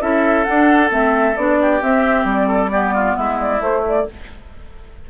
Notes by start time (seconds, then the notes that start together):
0.00 C#4 E4 A4 E5
0.44 D4 F#5
0.89 A3 C4 E5
1.36 B3 D4 D5
1.61 G4
1.81 C4 E5
2.24 G3 D5
2.47 A4
2.70 B3 G4
2.94 F4
3.15 G#3 E4 E5
3.40 D5
3.60 A3 C5
3.87 D5